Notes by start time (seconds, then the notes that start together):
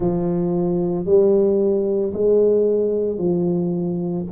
0.00 F3
1.05 G3
2.13 G#3
3.18 F3